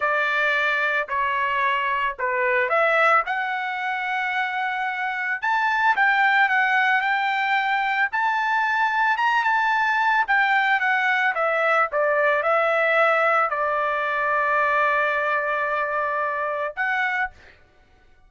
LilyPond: \new Staff \with { instrumentName = "trumpet" } { \time 4/4 \tempo 4 = 111 d''2 cis''2 | b'4 e''4 fis''2~ | fis''2 a''4 g''4 | fis''4 g''2 a''4~ |
a''4 ais''8 a''4. g''4 | fis''4 e''4 d''4 e''4~ | e''4 d''2.~ | d''2. fis''4 | }